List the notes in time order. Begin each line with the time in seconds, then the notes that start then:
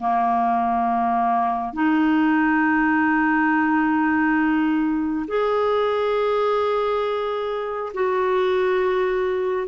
0.00 A#3
1.73 D#4
5.27 G#4
7.94 F#4